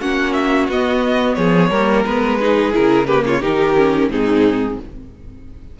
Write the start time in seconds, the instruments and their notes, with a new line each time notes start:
0.00 cello A#3, viola C#4, violin F#4 F#5
0.33 violin E5
0.68 cello B3, viola B3, violin D#5
1.34 cello F3, violin G#4 C#5
1.70 cello G3, viola A#3, violin A#4
2.05 cello G#3, viola B3, violin B4
2.40 viola D#4, violin G#4
2.73 cello C#3, viola E4, violin A#4
3.06 viola A#3, violin G4 B4
3.26 violin F4 C#5
3.40 cello D#3, viola D#4, violin G4 A#4
3.76 viola C#4
4.08 cello G#2, viola C4, violin D#4 G#4